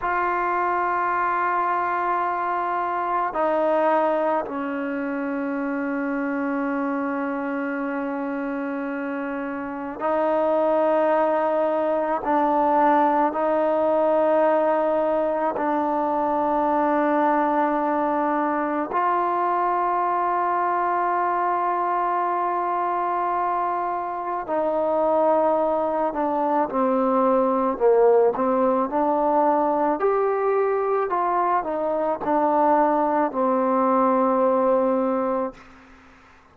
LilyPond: \new Staff \with { instrumentName = "trombone" } { \time 4/4 \tempo 4 = 54 f'2. dis'4 | cis'1~ | cis'4 dis'2 d'4 | dis'2 d'2~ |
d'4 f'2.~ | f'2 dis'4. d'8 | c'4 ais8 c'8 d'4 g'4 | f'8 dis'8 d'4 c'2 | }